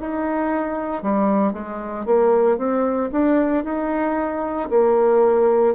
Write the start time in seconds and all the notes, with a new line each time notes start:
0.00 D#4
1.02 G3
1.53 G#3
2.05 A#3
2.57 C4
3.11 D4
3.64 D#4
4.69 A#3